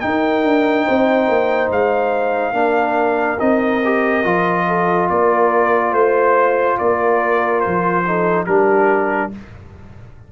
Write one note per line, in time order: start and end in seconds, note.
0.00 2.53 D#4
0.00 0.44 D#4
0.00 0.85 A#4
0.00 1.69 G5
0.44 0.87 D4
0.85 1.28 C4
0.85 2.54 C5
1.28 1.70 A#3
1.71 2.53 G#3
1.71 3.40 F5
2.53 3.37 A#3
2.53 3.38 D4
2.53 4.67 A#4
3.40 4.24 C4
3.40 3.82 D#4
3.40 5.09 D#5
3.84 4.24 G4
4.24 5.09 F3
4.24 8.04 F4
4.67 5.10 A4
5.09 5.92 A#3
5.09 5.91 A#4
5.09 5.93 D5
5.91 6.77 A3
5.91 6.76 C5
5.91 6.78 C5
6.78 7.65 A#3
6.78 8.06 A#4
6.78 7.60 D5
7.60 8.47 F3
7.60 8.45 C5
8.05 8.47 D#4
8.05 8.45 A4
8.45 9.32 G3
8.45 9.32 D4
8.45 9.30 G4
8.45 9.31 A#4